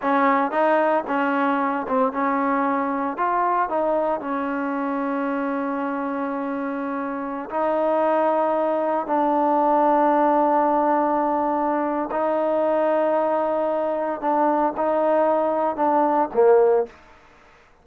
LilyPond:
\new Staff \with { instrumentName = "trombone" } { \time 4/4 \tempo 4 = 114 cis'4 dis'4 cis'4. c'8 | cis'2 f'4 dis'4 | cis'1~ | cis'2~ cis'16 dis'4.~ dis'16~ |
dis'4~ dis'16 d'2~ d'8.~ | d'2. dis'4~ | dis'2. d'4 | dis'2 d'4 ais4 | }